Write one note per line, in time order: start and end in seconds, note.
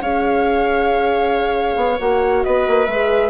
0.00 1.76 C#4
0.00 1.99 G#4
0.00 2.44 C#5
0.00 2.00 F5
1.76 1.98 B3
1.99 2.44 A#3
1.99 2.87 F#4
1.99 2.43 F#5
2.43 2.67 B3
2.43 3.30 B4
2.43 2.86 D#5
2.67 2.88 A#3
2.86 3.30 G#3
2.86 3.30 G#4
2.86 3.30 E5